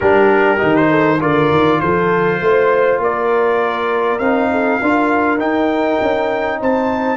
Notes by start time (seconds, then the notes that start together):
0.00 G3 D4 G4 A#4
0.58 D#3 D#4
0.75 C5
0.89 A4
1.20 D3 F4 A#4 D5
1.50 D#3
1.79 F3 A4 C5
2.40 A3 C5
2.98 A#3 A#4 D5
4.18 C4 D#4 F5
4.51 A4
4.82 D4 F4 A#4
5.37 D#4 G5
6.01 C#4
6.60 C4 C5 A5